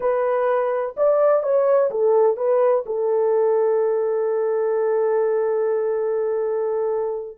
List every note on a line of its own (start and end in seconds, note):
0.00 0.95 B4
0.96 1.42 D5
1.42 1.90 C#5
1.90 2.36 A4
2.36 2.84 B4
2.85 7.37 A4